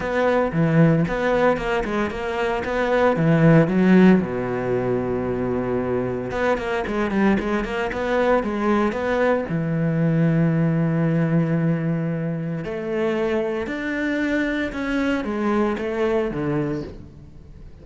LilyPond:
\new Staff \with { instrumentName = "cello" } { \time 4/4 \tempo 4 = 114 b4 e4 b4 ais8 gis8 | ais4 b4 e4 fis4 | b,1 | b8 ais8 gis8 g8 gis8 ais8 b4 |
gis4 b4 e2~ | e1 | a2 d'2 | cis'4 gis4 a4 d4 | }